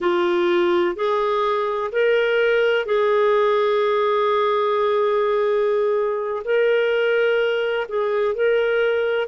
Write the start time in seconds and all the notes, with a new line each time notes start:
0.00 F4
0.95 G#4
1.92 A#4
2.85 G#4
6.44 A#4
7.88 G#4
8.35 A#4